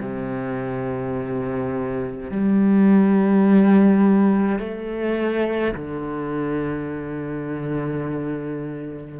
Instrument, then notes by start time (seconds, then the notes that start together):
cello
0.00 C3
2.30 G3
4.58 A3
5.74 D3